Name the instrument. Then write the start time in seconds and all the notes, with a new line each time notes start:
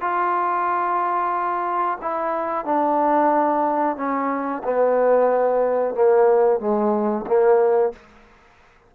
trombone
0.00 F4
2.01 E4
2.65 D4
3.97 C#4
4.64 B3
5.94 A#3
6.59 G#3
7.26 A#3